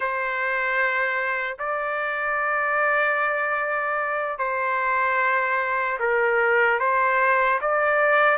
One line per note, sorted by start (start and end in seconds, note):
0.00 1.57 C5
1.59 4.38 D5
4.38 5.98 C5
5.99 6.79 A#4
6.79 7.59 C5
7.61 8.37 D5